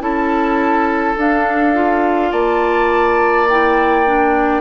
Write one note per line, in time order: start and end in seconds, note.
0.00 1.16 C#4
0.00 1.15 E4
0.00 2.31 A4
0.00 1.17 A5
1.17 2.32 D4
1.17 1.74 D4
1.17 2.32 F5
1.74 3.47 F4
2.31 4.61 A#3
2.31 4.61 D5
2.31 3.47 A5
3.49 4.06 E4
3.49 4.61 G5
4.06 4.61 D4